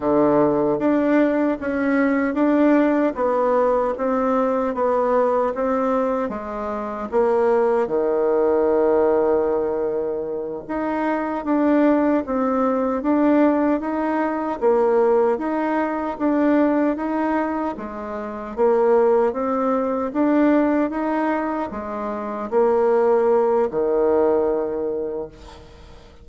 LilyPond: \new Staff \with { instrumentName = "bassoon" } { \time 4/4 \tempo 4 = 76 d4 d'4 cis'4 d'4 | b4 c'4 b4 c'4 | gis4 ais4 dis2~ | dis4. dis'4 d'4 c'8~ |
c'8 d'4 dis'4 ais4 dis'8~ | dis'8 d'4 dis'4 gis4 ais8~ | ais8 c'4 d'4 dis'4 gis8~ | gis8 ais4. dis2 | }